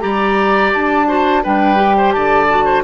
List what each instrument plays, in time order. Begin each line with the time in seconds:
0.00 bassoon G3, clarinet G4, oboe D5, flute A#5
0.73 bassoon D4, flute A5
1.08 clarinet F#4, oboe C5
1.43 bassoon G3, clarinet D4, oboe B4, flute G5
1.76 clarinet G4
1.97 oboe C5
2.12 bassoon D3, oboe D5, flute A5
2.50 clarinet F#4
2.65 oboe C5